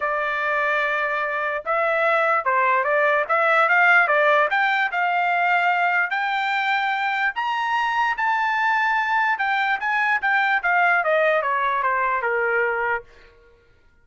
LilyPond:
\new Staff \with { instrumentName = "trumpet" } { \time 4/4 \tempo 4 = 147 d''1 | e''2 c''4 d''4 | e''4 f''4 d''4 g''4 | f''2. g''4~ |
g''2 ais''2 | a''2. g''4 | gis''4 g''4 f''4 dis''4 | cis''4 c''4 ais'2 | }